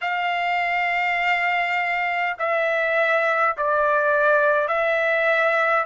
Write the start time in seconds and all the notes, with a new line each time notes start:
0.01 F5
2.39 E5
3.57 D5
4.67 E5